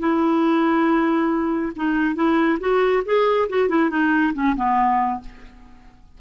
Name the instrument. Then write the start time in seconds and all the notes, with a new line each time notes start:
clarinet
0.00 E4
1.76 D#4
2.16 E4
2.60 F#4
3.06 G#4
3.49 F#4
3.69 E4
3.90 D#4
4.34 C#4
4.56 B3